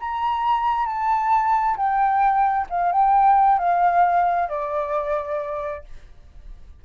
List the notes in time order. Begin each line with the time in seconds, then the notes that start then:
0.00 A#5
0.86 A5
1.77 G5
2.69 F5
2.92 G5
3.58 F5
4.49 D5